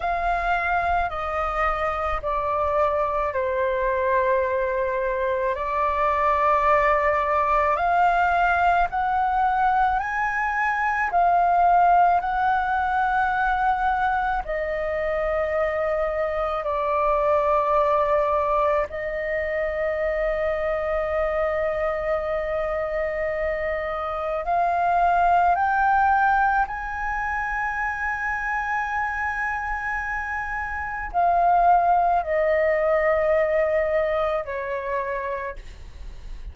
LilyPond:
\new Staff \with { instrumentName = "flute" } { \time 4/4 \tempo 4 = 54 f''4 dis''4 d''4 c''4~ | c''4 d''2 f''4 | fis''4 gis''4 f''4 fis''4~ | fis''4 dis''2 d''4~ |
d''4 dis''2.~ | dis''2 f''4 g''4 | gis''1 | f''4 dis''2 cis''4 | }